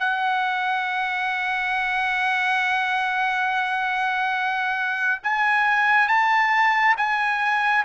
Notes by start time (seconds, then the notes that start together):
0.00 F#5
5.24 G#5
6.08 A5
6.98 G#5